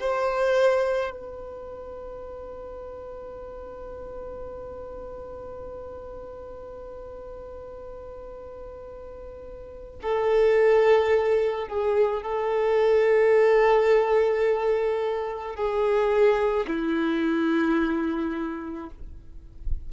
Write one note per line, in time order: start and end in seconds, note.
0.00 1.11 C5
1.11 9.99 B4
10.02 11.68 A4
11.68 12.22 G#4
12.22 15.56 A4
15.56 16.67 G#4
16.67 18.89 E4